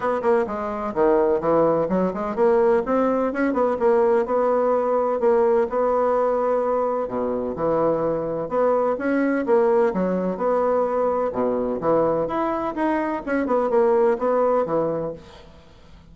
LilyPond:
\new Staff \with { instrumentName = "bassoon" } { \time 4/4 \tempo 4 = 127 b8 ais8 gis4 dis4 e4 | fis8 gis8 ais4 c'4 cis'8 b8 | ais4 b2 ais4 | b2. b,4 |
e2 b4 cis'4 | ais4 fis4 b2 | b,4 e4 e'4 dis'4 | cis'8 b8 ais4 b4 e4 | }